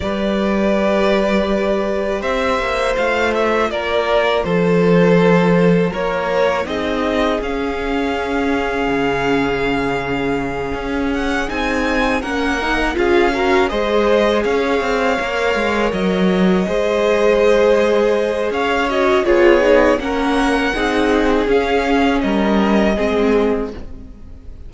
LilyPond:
<<
  \new Staff \with { instrumentName = "violin" } { \time 4/4 \tempo 4 = 81 d''2. e''4 | f''8 e''8 d''4 c''2 | cis''4 dis''4 f''2~ | f''2. fis''8 gis''8~ |
gis''8 fis''4 f''4 dis''4 f''8~ | f''4. dis''2~ dis''8~ | dis''4 f''8 dis''8 cis''4 fis''4~ | fis''4 f''4 dis''2 | }
  \new Staff \with { instrumentName = "violin" } { \time 4/4 b'2. c''4~ | c''4 ais'4 a'2 | ais'4 gis'2.~ | gis'1~ |
gis'8 ais'4 gis'8 ais'8 c''4 cis''8~ | cis''2~ cis''8 c''4.~ | c''4 cis''4 gis'4 ais'4 | gis'2 ais'4 gis'4 | }
  \new Staff \with { instrumentName = "viola" } { \time 4/4 g'1 | f'1~ | f'4 dis'4 cis'2~ | cis'2.~ cis'8 dis'8~ |
dis'8 cis'8 dis'8 f'8 fis'8 gis'4.~ | gis'8 ais'2 gis'4.~ | gis'4. fis'8 f'8 dis'8 cis'4 | dis'4 cis'2 c'4 | }
  \new Staff \with { instrumentName = "cello" } { \time 4/4 g2. c'8 ais8 | a4 ais4 f2 | ais4 c'4 cis'2 | cis2~ cis8 cis'4 c'8~ |
c'8 ais4 cis'4 gis4 cis'8 | c'8 ais8 gis8 fis4 gis4.~ | gis4 cis'4 b4 ais4 | c'4 cis'4 g4 gis4 | }
>>